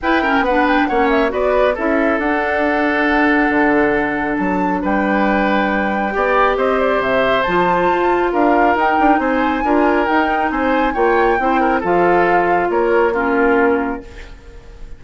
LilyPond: <<
  \new Staff \with { instrumentName = "flute" } { \time 4/4 \tempo 4 = 137 g''4 fis''8 g''8 fis''8 e''8 d''4 | e''4 fis''2.~ | fis''2 a''4 g''4~ | g''2. dis''8 d''8 |
e''4 a''2 f''4 | g''4 gis''2 g''4 | gis''4 g''2 f''4~ | f''4 cis''4 ais'2 | }
  \new Staff \with { instrumentName = "oboe" } { \time 4/4 b'8 ais'8 b'4 cis''4 b'4 | a'1~ | a'2. b'4~ | b'2 d''4 c''4~ |
c''2. ais'4~ | ais'4 c''4 ais'2 | c''4 cis''4 c''8 ais'8 a'4~ | a'4 ais'4 f'2 | }
  \new Staff \with { instrumentName = "clarinet" } { \time 4/4 e'8 cis'8 d'4 cis'4 fis'4 | e'4 d'2.~ | d'1~ | d'2 g'2~ |
g'4 f'2. | dis'2 f'4 dis'4~ | dis'4 f'4 e'4 f'4~ | f'2 cis'2 | }
  \new Staff \with { instrumentName = "bassoon" } { \time 4/4 e'4 b4 ais4 b4 | cis'4 d'2. | d2 fis4 g4~ | g2 b4 c'4 |
c4 f4 f'4 d'4 | dis'8 d'8 c'4 d'4 dis'4 | c'4 ais4 c'4 f4~ | f4 ais2. | }
>>